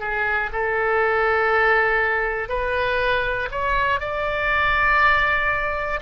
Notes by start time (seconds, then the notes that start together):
0.00 G#4
0.53 A4
2.49 B4
3.51 C#5
4.00 D5